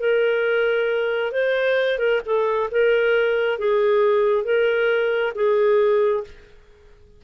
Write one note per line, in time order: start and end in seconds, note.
0.00 1.32 A#4
1.32 1.99 C5
1.99 2.21 A#4
2.25 2.70 A4
2.71 3.59 A#4
3.59 4.44 G#4
4.44 5.33 A#4
5.35 6.24 G#4